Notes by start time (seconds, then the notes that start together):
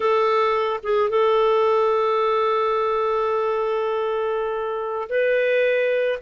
0.00 A4
0.83 G#4
1.09 A4
5.09 B4